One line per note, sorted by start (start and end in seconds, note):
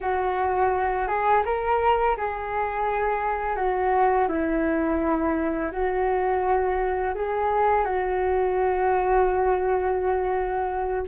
0.01 1.07 F#4
1.07 1.43 G#4
1.44 2.16 A#4
2.17 3.56 G#4
3.56 4.27 F#4
4.28 5.71 E4
5.71 7.14 F#4
7.14 7.84 G#4
7.84 11.06 F#4